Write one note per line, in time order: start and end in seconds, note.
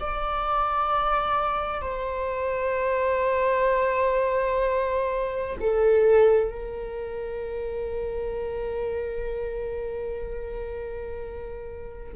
0.00 1.82 D5
1.82 5.57 C5
5.60 6.50 A4
6.50 12.13 A#4